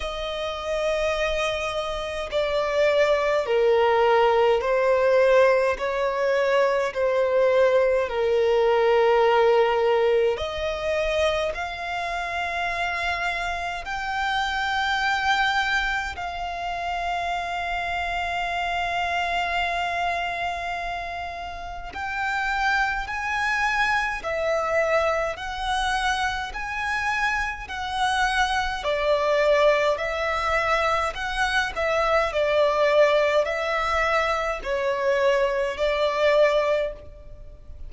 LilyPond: \new Staff \with { instrumentName = "violin" } { \time 4/4 \tempo 4 = 52 dis''2 d''4 ais'4 | c''4 cis''4 c''4 ais'4~ | ais'4 dis''4 f''2 | g''2 f''2~ |
f''2. g''4 | gis''4 e''4 fis''4 gis''4 | fis''4 d''4 e''4 fis''8 e''8 | d''4 e''4 cis''4 d''4 | }